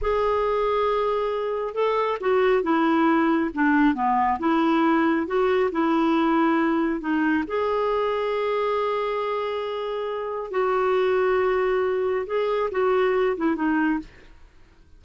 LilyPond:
\new Staff \with { instrumentName = "clarinet" } { \time 4/4 \tempo 4 = 137 gis'1 | a'4 fis'4 e'2 | d'4 b4 e'2 | fis'4 e'2. |
dis'4 gis'2.~ | gis'1 | fis'1 | gis'4 fis'4. e'8 dis'4 | }